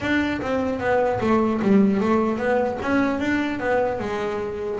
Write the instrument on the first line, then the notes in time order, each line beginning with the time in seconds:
double bass
0.00 D4
0.41 C4
0.79 B3
1.20 A3
1.62 G3
2.00 A3
2.38 B3
2.82 C#4
3.19 D4
3.59 B3
3.99 G#3